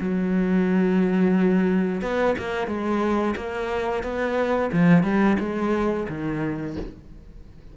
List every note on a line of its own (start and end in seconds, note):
0.00 2.02 F#3
2.02 2.36 B3
2.39 2.68 A#3
2.68 3.35 G#3
3.36 4.04 A#3
4.04 4.71 B3
4.73 5.03 F3
5.03 5.37 G3
5.40 6.07 G#3
6.09 6.77 D#3